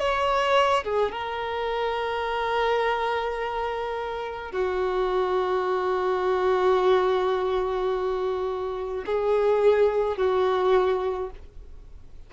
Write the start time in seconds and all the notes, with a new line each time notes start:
0.00 C#5
0.84 G#4
1.13 A#4
4.52 F#4
9.06 G#4
10.18 F#4